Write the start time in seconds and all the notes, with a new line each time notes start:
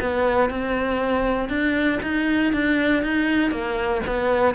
0.00 B3
0.50 C4
1.49 D4
2.03 D#4
2.53 D4
3.03 D#4
3.51 A#3
4.07 B3